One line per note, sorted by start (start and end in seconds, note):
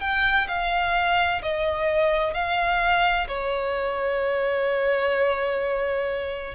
0.00 0.47 G5
0.48 1.41 F5
1.42 2.34 D#5
2.34 3.27 F5
3.28 6.54 C#5